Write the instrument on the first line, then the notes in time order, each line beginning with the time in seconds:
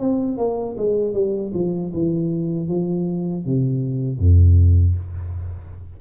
tuba
0.00 C4
0.37 A#3
0.78 G#3
1.13 G3
1.54 F3
1.94 E3
2.68 F3
3.45 C3
4.19 F2